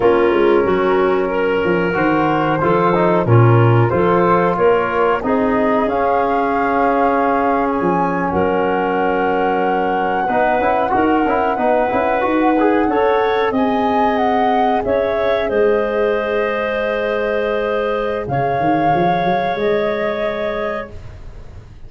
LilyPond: <<
  \new Staff \with { instrumentName = "flute" } { \time 4/4 \tempo 4 = 92 ais'2. c''4~ | c''4 ais'4 c''4 cis''4 | dis''4 f''2~ f''8. gis''16~ | gis''8. fis''2.~ fis''16~ |
fis''1~ | fis''8. gis''4 fis''4 e''4 dis''16~ | dis''1 | f''2 dis''2 | }
  \new Staff \with { instrumentName = "clarinet" } { \time 4/4 f'4 fis'4 ais'2 | a'4 f'4 a'4 ais'4 | gis'1~ | gis'8. ais'2. b'16~ |
b'8. ais'4 b'2 cis''16~ | cis''8. dis''2 cis''4 c''16~ | c''1 | cis''1 | }
  \new Staff \with { instrumentName = "trombone" } { \time 4/4 cis'2. fis'4 | f'8 dis'8 cis'4 f'2 | dis'4 cis'2.~ | cis'2.~ cis'8. dis'16~ |
dis'16 e'8 fis'8 e'8 dis'8 e'8 fis'8 gis'8 a'16~ | a'8. gis'2.~ gis'16~ | gis'1~ | gis'1 | }
  \new Staff \with { instrumentName = "tuba" } { \time 4/4 ais8 gis8 fis4. f8 dis4 | f4 ais,4 f4 ais4 | c'4 cis'2. | f8. fis2. b16~ |
b16 cis'8 dis'8 cis'8 b8 cis'8 dis'4 cis'16~ | cis'8. c'2 cis'4 gis16~ | gis1 | cis8 dis8 f8 fis8 gis2 | }
>>